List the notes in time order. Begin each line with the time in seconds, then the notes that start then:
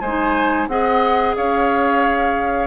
0.00 G#3 C5 G#5
0.07 D#4
0.67 C4 G#4 D#5 F#5
1.36 C#4 C#5 F5